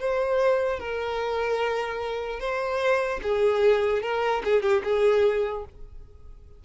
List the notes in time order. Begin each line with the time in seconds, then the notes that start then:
0.00 C5
0.79 A#4
2.40 C5
3.23 G#4
4.02 A#4
4.44 G#4
4.62 G4
4.84 G#4